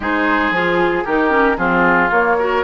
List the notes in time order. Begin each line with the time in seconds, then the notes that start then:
0.00 G#3 D#4 G#4 C5
0.50 F3 F4 G#4
1.04 D#3 D#4 G4 A#4
1.29 C#4
1.56 F3 C4 F4 G#4
2.10 A#3 C#5
2.38 F#4 A#4